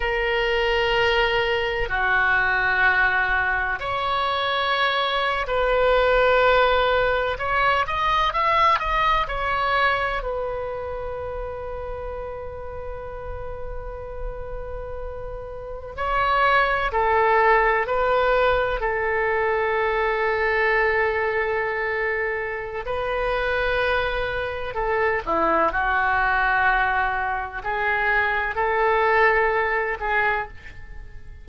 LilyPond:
\new Staff \with { instrumentName = "oboe" } { \time 4/4 \tempo 4 = 63 ais'2 fis'2 | cis''4.~ cis''16 b'2 cis''16~ | cis''16 dis''8 e''8 dis''8 cis''4 b'4~ b'16~ | b'1~ |
b'8. cis''4 a'4 b'4 a'16~ | a'1 | b'2 a'8 e'8 fis'4~ | fis'4 gis'4 a'4. gis'8 | }